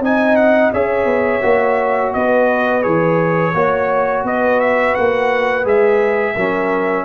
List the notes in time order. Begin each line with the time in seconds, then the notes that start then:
0.00 C4 D#4 D#5 G#5
0.36 F#5
0.73 C#4 G#4 C#5 E5
1.05 B3
1.42 A#3 F#4
2.13 B3 B4 D#5
2.82 E3 G#4 C#5
3.54 A#3 F#4 C#5
4.24 B3 B4 D#5
4.60 E5
4.95 A#3 F#5
5.64 G#3 G#4 E5
6.35 F#3 C#4 A#4